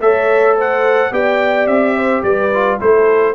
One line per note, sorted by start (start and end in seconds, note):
0.00 1.11 A3
0.00 1.12 A4
0.00 0.57 C#5
0.00 0.57 E5
0.57 1.12 C5
0.57 1.14 F#5
1.12 1.67 B3
1.12 2.51 G4
1.12 1.97 D5
1.12 1.67 G5
1.67 2.23 C4
1.67 2.23 E5
1.97 2.24 C5
2.23 2.79 G3
2.23 2.80 B4
2.23 2.79 D5
2.54 2.80 F4
2.80 3.35 A3
2.80 3.35 E4
2.80 3.35 A4
2.80 3.35 C5